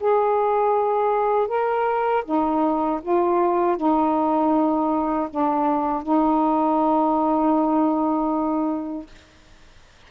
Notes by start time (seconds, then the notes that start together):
0.00 G#4
1.48 A#4
2.25 D#4
3.02 F4
3.77 D#4
5.30 D4
6.03 D#4